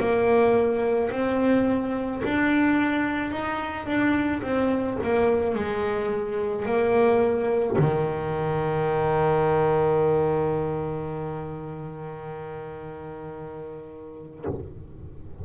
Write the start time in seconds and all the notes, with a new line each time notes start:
0.00 A#3
1.11 C4
2.25 D4
3.31 D#4
3.86 D4
4.43 C4
5.04 A#3
5.56 G#3
6.66 A#3
7.79 D#3